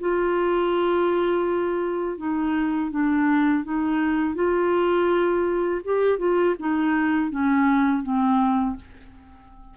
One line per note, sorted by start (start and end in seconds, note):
0.00 2.18 F4
2.18 2.91 D#4
2.91 3.64 D4
3.64 4.35 D#4
4.35 5.81 F4
5.85 6.19 G4
6.19 6.55 F4
6.60 7.30 D#4
7.30 8.03 C#4
8.03 8.76 C4